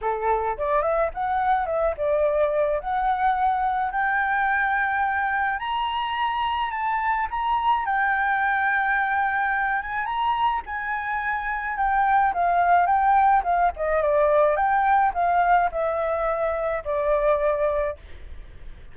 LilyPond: \new Staff \with { instrumentName = "flute" } { \time 4/4 \tempo 4 = 107 a'4 d''8 e''8 fis''4 e''8 d''8~ | d''4 fis''2 g''4~ | g''2 ais''2 | a''4 ais''4 g''2~ |
g''4. gis''8 ais''4 gis''4~ | gis''4 g''4 f''4 g''4 | f''8 dis''8 d''4 g''4 f''4 | e''2 d''2 | }